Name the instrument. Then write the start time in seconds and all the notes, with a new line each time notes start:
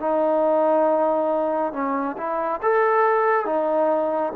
trombone
0.00 D#4
1.73 C#4
2.17 E4
2.62 A4
3.46 D#4